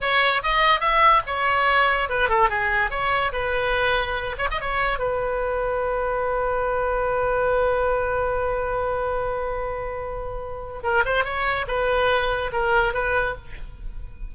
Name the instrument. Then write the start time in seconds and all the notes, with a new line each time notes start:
oboe
0.01 C#5
0.42 D#5
0.80 E5
1.26 C#5
2.09 B4
2.29 A4
2.49 G#4
2.90 C#5
3.32 B4
4.37 C#5
4.50 D#5
4.61 C#5
4.98 B4
10.83 A#4
11.05 C5
11.24 C#5
11.67 B4
12.52 A#4
12.93 B4